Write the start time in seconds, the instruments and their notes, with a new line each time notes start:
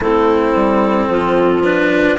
0.00 bassoon A3, cello C4, clarinet E4 A4
0.55 bassoon G3
1.08 bassoon F3, clarinet F4
1.63 cello D4, clarinet B4